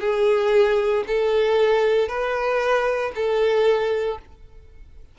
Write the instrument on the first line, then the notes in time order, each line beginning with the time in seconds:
violin
0.00 G#4
1.07 A4
2.08 B4
3.15 A4